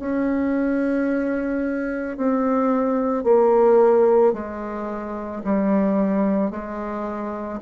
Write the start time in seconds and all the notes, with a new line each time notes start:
0.00 C#4
2.17 C4
3.24 A#3
4.33 G#3
5.44 G3
6.51 G#3